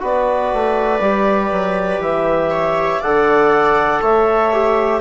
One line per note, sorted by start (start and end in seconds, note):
0.00 0.53 B3
0.00 1.00 F#4
0.00 2.50 B4
0.00 2.02 D5
0.53 1.00 A3
1.00 1.50 G3
1.00 3.01 G4
1.52 1.98 F#3
1.98 2.98 E3
1.98 3.02 E5
2.50 3.00 C#5
3.00 4.02 D3
3.00 4.53 A4
3.00 4.00 D5
3.00 4.02 F#5
4.01 5.01 A3
4.01 5.01 C#5
4.01 5.01 E5
4.53 5.01 G4